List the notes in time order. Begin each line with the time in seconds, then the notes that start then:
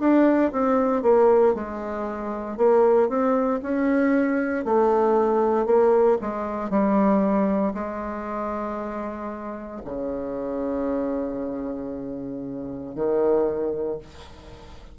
0.00 D4
0.52 C4
1.03 A#3
1.55 G#3
2.57 A#3
3.09 C4
3.63 C#4
4.65 A3
5.66 A#3
6.21 G#3
6.70 G3
7.74 G#3
9.85 C#3
12.95 D#3